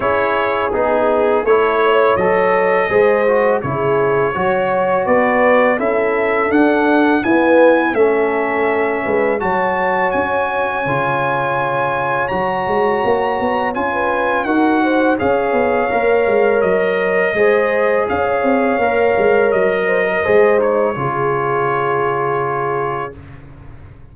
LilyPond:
<<
  \new Staff \with { instrumentName = "trumpet" } { \time 4/4 \tempo 4 = 83 cis''4 gis'4 cis''4 dis''4~ | dis''4 cis''2 d''4 | e''4 fis''4 gis''4 e''4~ | e''4 a''4 gis''2~ |
gis''4 ais''2 gis''4 | fis''4 f''2 dis''4~ | dis''4 f''2 dis''4~ | dis''8 cis''2.~ cis''8 | }
  \new Staff \with { instrumentName = "horn" } { \time 4/4 gis'2 a'8 cis''4. | c''4 gis'4 cis''4 b'4 | a'2 b'4 a'4~ | a'8 b'8 cis''2.~ |
cis''2.~ cis''16 b'8. | ais'8 c''8 cis''2. | c''4 cis''2~ cis''8 c''16 ais'16 | c''4 gis'2. | }
  \new Staff \with { instrumentName = "trombone" } { \time 4/4 e'4 dis'4 e'4 a'4 | gis'8 fis'8 e'4 fis'2 | e'4 d'4 b4 cis'4~ | cis'4 fis'2 f'4~ |
f'4 fis'2 f'4 | fis'4 gis'4 ais'2 | gis'2 ais'2 | gis'8 dis'8 f'2. | }
  \new Staff \with { instrumentName = "tuba" } { \time 4/4 cis'4 b4 a4 fis4 | gis4 cis4 fis4 b4 | cis'4 d'4 e'4 a4~ | a8 gis8 fis4 cis'4 cis4~ |
cis4 fis8 gis8 ais8 b8 cis'4 | dis'4 cis'8 b8 ais8 gis8 fis4 | gis4 cis'8 c'8 ais8 gis8 fis4 | gis4 cis2. | }
>>